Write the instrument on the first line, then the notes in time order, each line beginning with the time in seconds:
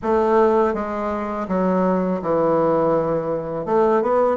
bassoon
0.02 A3
0.74 G#3
1.48 F#3
2.22 E3
3.65 A3
4.01 B3